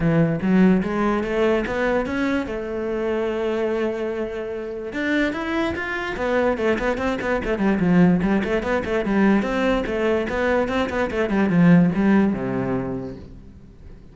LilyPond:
\new Staff \with { instrumentName = "cello" } { \time 4/4 \tempo 4 = 146 e4 fis4 gis4 a4 | b4 cis'4 a2~ | a1 | d'4 e'4 f'4 b4 |
a8 b8 c'8 b8 a8 g8 f4 | g8 a8 b8 a8 g4 c'4 | a4 b4 c'8 b8 a8 g8 | f4 g4 c2 | }